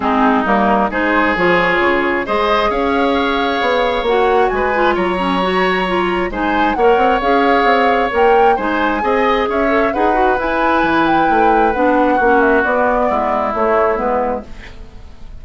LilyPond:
<<
  \new Staff \with { instrumentName = "flute" } { \time 4/4 \tempo 4 = 133 gis'4 ais'4 c''4 cis''4~ | cis''4 dis''4 f''2~ | f''4 fis''4 gis''4 ais''4~ | ais''2 gis''4 fis''4 |
f''2 g''4 gis''4~ | gis''4 e''4 fis''4 gis''4~ | gis''8 g''4. fis''4. e''8 | d''2 cis''4 b'4 | }
  \new Staff \with { instrumentName = "oboe" } { \time 4/4 dis'2 gis'2~ | gis'4 c''4 cis''2~ | cis''2 b'4 cis''4~ | cis''2 c''4 cis''4~ |
cis''2. c''4 | dis''4 cis''4 b'2~ | b'2. fis'4~ | fis'4 e'2. | }
  \new Staff \with { instrumentName = "clarinet" } { \time 4/4 c'4 ais4 dis'4 f'4~ | f'4 gis'2.~ | gis'4 fis'4. f'4 cis'8 | fis'4 f'4 dis'4 ais'4 |
gis'2 ais'4 dis'4 | gis'4. a'8 gis'8 fis'8 e'4~ | e'2 d'4 cis'4 | b2 a4 b4 | }
  \new Staff \with { instrumentName = "bassoon" } { \time 4/4 gis4 g4 gis4 f4 | cis4 gis4 cis'2 | b4 ais4 gis4 fis4~ | fis2 gis4 ais8 c'8 |
cis'4 c'4 ais4 gis4 | c'4 cis'4 dis'4 e'4 | e4 a4 b4 ais4 | b4 gis4 a4 gis4 | }
>>